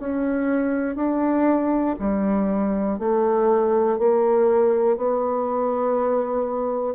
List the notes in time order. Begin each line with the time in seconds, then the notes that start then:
0.00 C#4
0.96 D4
1.99 G3
2.99 A3
3.99 A#3
4.97 B3